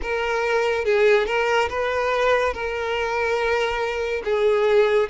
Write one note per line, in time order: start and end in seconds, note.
0.02 0.85 A#4
0.85 1.26 G#4
1.26 1.68 A#4
1.69 2.53 B4
2.53 4.22 A#4
4.24 5.09 G#4